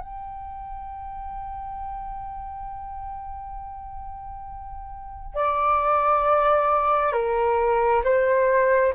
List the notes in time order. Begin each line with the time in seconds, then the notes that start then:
0.00 G5
5.35 D5
7.13 A#4
8.05 C5